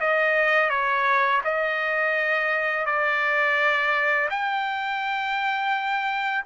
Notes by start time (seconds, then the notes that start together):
0.00 D#5
0.70 C#5
1.44 D#5
2.86 D5
4.30 G5